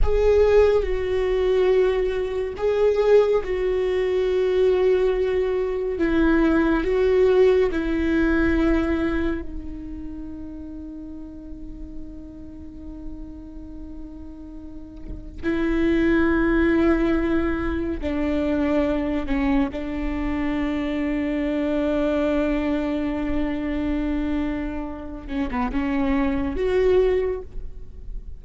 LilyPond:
\new Staff \with { instrumentName = "viola" } { \time 4/4 \tempo 4 = 70 gis'4 fis'2 gis'4 | fis'2. e'4 | fis'4 e'2 dis'4~ | dis'1~ |
dis'2 e'2~ | e'4 d'4. cis'8 d'4~ | d'1~ | d'4. cis'16 b16 cis'4 fis'4 | }